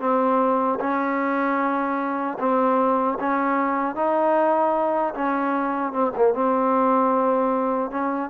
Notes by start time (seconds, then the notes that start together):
0.00 C4
0.80 C#4
2.39 C4
3.19 C#4
3.95 D#4
5.14 C#4
5.92 C4
6.17 A#3
6.34 C4
7.91 C#4